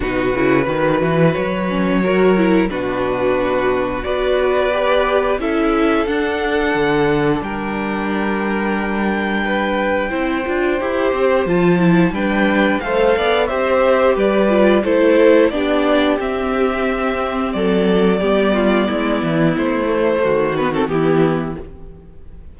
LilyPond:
<<
  \new Staff \with { instrumentName = "violin" } { \time 4/4 \tempo 4 = 89 b'2 cis''2 | b'2 d''2 | e''4 fis''2 g''4~ | g''1~ |
g''4 a''4 g''4 f''4 | e''4 d''4 c''4 d''4 | e''2 d''2~ | d''4 c''4. b'16 a'16 g'4 | }
  \new Staff \with { instrumentName = "violin" } { \time 4/4 fis'4 b'2 ais'4 | fis'2 b'2 | a'2. ais'4~ | ais'2 b'4 c''4~ |
c''2 b'4 c''8 d''8 | c''4 b'4 a'4 g'4~ | g'2 a'4 g'8 f'8 | e'2 fis'4 e'4 | }
  \new Staff \with { instrumentName = "viola" } { \time 4/4 dis'8 e'8 fis'4. cis'8 fis'8 e'8 | d'2 fis'4 g'4 | e'4 d'2.~ | d'2. e'8 f'8 |
g'4 f'8 e'8 d'4 a'4 | g'4. f'8 e'4 d'4 | c'2. b4~ | b4. a4 b16 c'16 b4 | }
  \new Staff \with { instrumentName = "cello" } { \time 4/4 b,8 cis8 dis8 e8 fis2 | b,2 b2 | cis'4 d'4 d4 g4~ | g2. c'8 d'8 |
e'8 c'8 f4 g4 a8 b8 | c'4 g4 a4 b4 | c'2 fis4 g4 | gis8 e8 a4 dis4 e4 | }
>>